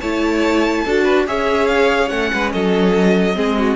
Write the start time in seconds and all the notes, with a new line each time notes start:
0.00 A3 E4 C#5 A5
0.85 D4 F#4 A4
1.03 B4
1.27 C#4 G#4 C#5 E5
1.67 F5
2.08 A3 C#4 F#5
2.32 G#3 B4
2.52 F#3 A4 D#5
3.35 G#3 C4 G#4
3.58 F#4